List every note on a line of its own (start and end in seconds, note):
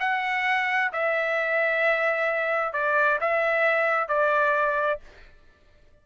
0.00 0.92 F#5
0.92 2.73 E5
2.73 3.19 D5
3.20 4.08 E5
4.08 5.00 D5